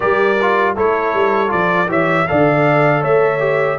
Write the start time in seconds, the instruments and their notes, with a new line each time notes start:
0.00 tuba G3, trombone G4, horn A#4, trumpet D5
0.41 trombone F4
0.75 tuba A3, trombone E4, horn A4, trumpet C#5
1.14 tuba G3
1.47 tuba F3, trombone F4, trumpet D5
1.88 tuba E3, trombone G4, horn C#5, trumpet E5
2.27 tuba D3, trombone A4, horn D5, trumpet F5
3.01 tuba A3, horn C#5, trumpet E5
3.39 trombone G4